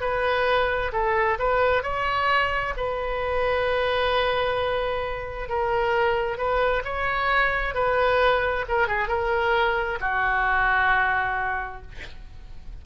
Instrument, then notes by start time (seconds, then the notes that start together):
oboe
0.00 B4
0.92 A4
1.38 B4
1.82 C#5
2.76 B4
5.48 A#4
6.37 B4
6.84 C#5
7.74 B4
8.68 A#4
8.87 G#4
9.07 A#4
10.00 F#4